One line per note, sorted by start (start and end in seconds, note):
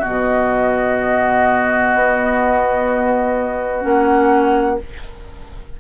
0.00 3.81 B3
0.00 4.76 F#4
0.00 3.84 D#5
0.07 1.94 B2
1.94 3.85 B3
3.81 4.80 A#3
3.81 4.77 C#4
3.81 4.80 F#5